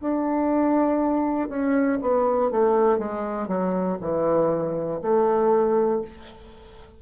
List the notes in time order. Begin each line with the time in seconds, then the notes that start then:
0.00 D4
1.48 C#4
2.01 B3
2.50 A3
2.98 G#3
3.47 F#3
4.00 E3
5.01 A3